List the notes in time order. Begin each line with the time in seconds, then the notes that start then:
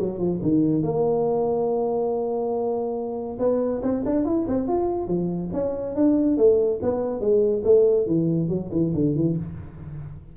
0.00 F#3
0.19 F3
0.43 D#3
0.83 A#3
3.39 B3
3.83 C4
4.06 D4
4.25 E4
4.48 C4
4.68 F4
5.08 F3
5.53 C#4
5.96 D4
6.38 A3
6.83 B3
7.21 G#3
7.65 A3
8.07 E3
8.49 F#3
8.73 E3
8.95 D3
9.16 E3